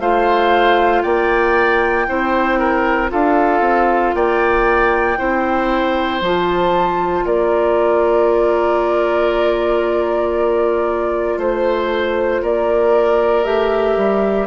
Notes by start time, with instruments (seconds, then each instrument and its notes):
0.00 bassoon A3, clarinet F4, oboe C5, flute F5
1.02 bassoon A#3, oboe D5, flute G5
2.08 bassoon C4, clarinet E4, oboe C5
2.59 oboe A#4
3.09 bassoon D4, clarinet F4, oboe A4, flute F5
3.61 bassoon C4
4.14 bassoon A#3, oboe D5, flute G5
5.18 bassoon C4, clarinet E4, oboe C5
6.21 bassoon F3, clarinet F4, flute A5
7.25 bassoon A#3, oboe A#4, flute D5
11.38 bassoon A3, oboe C5, flute C5
12.43 bassoon A#3, oboe A#4, flute D5
13.44 bassoon A3, clarinet G4, flute E5
13.97 bassoon G3